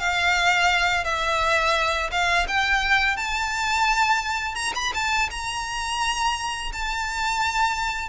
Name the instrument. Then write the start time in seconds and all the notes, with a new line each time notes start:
violin
0.00 F5
1.05 E5
2.12 F5
2.48 G5
3.17 A5
4.56 A#5
4.76 B5
4.94 A5
5.31 A#5
6.73 A5